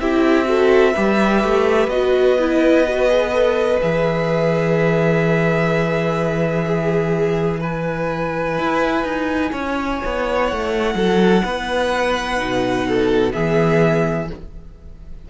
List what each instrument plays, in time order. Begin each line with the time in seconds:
0.00 cello C4, viola E4, violin G4 E5
0.45 viola F#4, violin A4
0.93 cello G3, viola G4, violin B4
1.43 cello A3
1.87 cello B3, viola F#4, violin D#5
2.39 viola E4
2.87 viola F#4
3.08 viola G#4
3.33 viola A4
3.80 cello E3, viola G#4, violin E5
6.66 violin G#4
7.60 viola E4, violin B4 G#5
8.58 cello E4
9.03 cello D#4
9.51 cello C#4, violin C#5
10.05 cello B3
10.46 cello A3, violin F#5
10.94 cello F#3, violin A4
11.44 cello B3, violin B4
12.37 cello B2, viola D#4
12.87 violin A4
13.31 cello E3, viola B3, violin G#4 E5